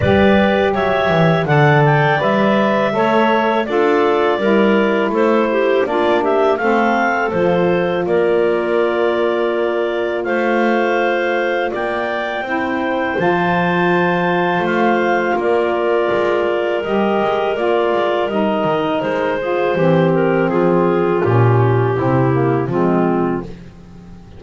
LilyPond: <<
  \new Staff \with { instrumentName = "clarinet" } { \time 4/4 \tempo 4 = 82 d''4 e''4 fis''8 g''8 e''4~ | e''4 d''2 c''4 | d''8 e''8 f''4 c''4 d''4~ | d''2 f''2 |
g''2 a''2 | f''4 d''2 dis''4 | d''4 dis''4 c''4. ais'8 | gis'4 g'2 f'4 | }
  \new Staff \with { instrumentName = "clarinet" } { \time 4/4 b'4 cis''4 d''2 | cis''4 a'4 ais'4 a'8 g'8 | f'8 g'8 a'2 ais'4~ | ais'2 c''2 |
d''4 c''2.~ | c''4 ais'2.~ | ais'2~ ais'8 gis'8 g'4 | f'2 e'4 c'4 | }
  \new Staff \with { instrumentName = "saxophone" } { \time 4/4 g'2 a'4 b'4 | a'4 f'4 e'2 | d'4 c'4 f'2~ | f'1~ |
f'4 e'4 f'2~ | f'2. g'4 | f'4 dis'4. f'8 c'4~ | c'4 cis'4 c'8 ais8 gis4 | }
  \new Staff \with { instrumentName = "double bass" } { \time 4/4 g4 fis8 e8 d4 g4 | a4 d'4 g4 a4 | ais4 a4 f4 ais4~ | ais2 a2 |
ais4 c'4 f2 | a4 ais4 gis4 g8 gis8 | ais8 gis8 g8 dis8 gis4 e4 | f4 ais,4 c4 f4 | }
>>